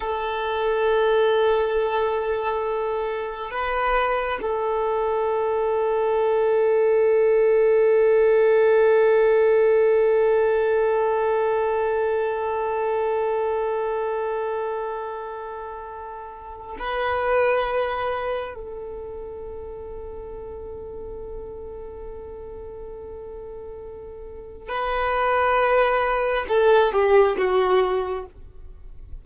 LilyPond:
\new Staff \with { instrumentName = "violin" } { \time 4/4 \tempo 4 = 68 a'1 | b'4 a'2.~ | a'1~ | a'1~ |
a'2. b'4~ | b'4 a'2.~ | a'1 | b'2 a'8 g'8 fis'4 | }